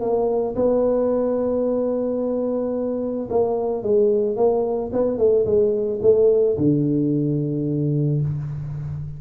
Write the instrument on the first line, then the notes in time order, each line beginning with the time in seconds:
tuba
0.00 A#3
0.55 B3
3.30 A#3
3.82 G#3
4.36 A#3
4.92 B3
5.18 A3
5.45 G#3
6.02 A3
6.57 D3